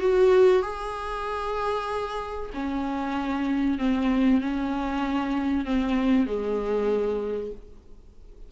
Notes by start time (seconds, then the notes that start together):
0.00 F#4
0.62 G#4
2.54 C#4
3.78 C4
4.41 C#4
5.65 C4
6.26 G#3